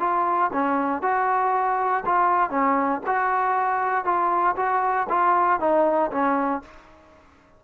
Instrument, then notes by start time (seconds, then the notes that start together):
trombone
0.00 F4
0.53 C#4
1.02 F#4
2.06 F4
2.50 C#4
3.07 F#4
4.05 F4
4.56 F#4
5.09 F4
5.60 D#4
6.12 C#4